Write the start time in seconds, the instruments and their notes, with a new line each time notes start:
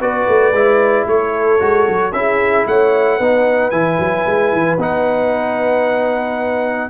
0.00 tuba B3, trombone F#4, horn B4, trumpet D5
0.28 tuba A3
0.51 tuba G#3, trombone E4
1.07 tuba A3, horn A4, trumpet C#5
1.59 tuba G#3, trombone F#4
1.87 tuba F#3
2.12 tuba C#4, trombone E4, horn G#4, trumpet E5
2.66 tuba A3, horn C#5, trumpet F#5
3.17 tuba B3, trombone D#4, horn B4
3.70 tuba E3, trombone E4, trumpet G#5
3.98 tuba F#3
4.26 tuba G#3
4.52 tuba E3
4.77 tuba B3, trombone D#4, trumpet F#5